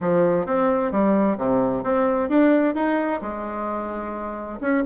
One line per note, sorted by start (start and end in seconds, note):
0.00 0.45 F3
0.45 0.91 C4
0.91 1.37 G3
1.37 1.83 C3
1.83 2.29 C4
2.29 2.74 D4
2.75 3.20 D#4
3.21 4.59 G#3
4.61 4.83 C#4